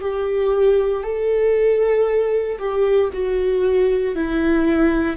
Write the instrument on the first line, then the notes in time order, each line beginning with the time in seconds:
viola
0.00 G4
1.03 A4
2.58 G4
3.13 F#4
4.15 E4